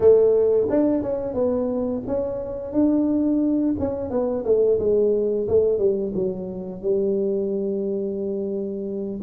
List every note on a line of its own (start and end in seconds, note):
0.00 0.67 A3
0.69 1.02 D4
1.02 1.34 C#4
1.34 2.02 B3
2.07 2.73 C#4
2.73 3.75 D4
3.79 4.10 C#4
4.10 4.44 B3
4.44 4.79 A3
4.79 5.47 G#3
5.47 5.78 A3
5.78 6.12 G3
6.14 6.81 F#3
6.81 9.20 G3